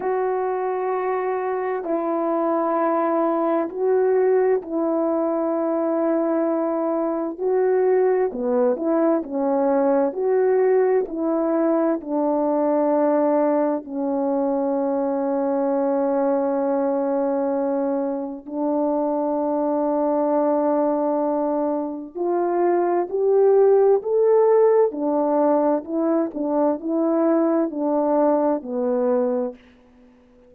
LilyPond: \new Staff \with { instrumentName = "horn" } { \time 4/4 \tempo 4 = 65 fis'2 e'2 | fis'4 e'2. | fis'4 b8 e'8 cis'4 fis'4 | e'4 d'2 cis'4~ |
cis'1 | d'1 | f'4 g'4 a'4 d'4 | e'8 d'8 e'4 d'4 b4 | }